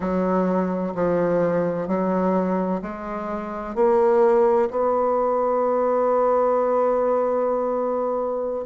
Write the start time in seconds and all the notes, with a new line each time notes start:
0.00 F#3
0.94 F3
1.87 F#3
2.81 G#3
3.75 A#3
4.70 B3